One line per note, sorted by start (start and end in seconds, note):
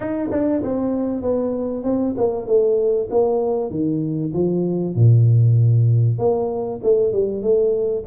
0.00 0.30 D#4
0.31 0.62 D4
0.62 1.22 C4
1.22 1.83 B3
1.83 2.14 C4
2.17 2.46 A#3
2.46 3.08 A3
3.10 3.70 A#3
3.70 4.32 D#3
4.33 4.95 F3
4.95 6.18 A#2
6.18 6.80 A#3
6.83 7.12 A3
7.12 7.42 G3
7.42 8.04 A3